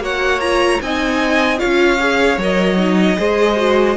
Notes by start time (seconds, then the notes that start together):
0.00 A#3 F#4 C#5 F#5
0.40 F4 A#5
0.82 C4 D#4 D#5 G#5
1.58 F4 C#5 F5
1.64 C#4
2.00 G#4
2.38 F#3 A#4 D#5
2.77 D#4
3.17 G#3 G#4 C5
3.57 F#4